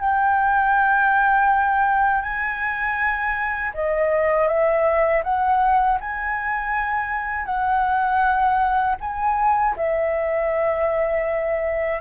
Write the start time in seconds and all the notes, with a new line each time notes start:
0.00 G5
2.22 G#5
3.74 D#5
4.47 E5
5.24 F#5
6.00 G#5
7.46 F#5
9.00 G#5
9.76 E5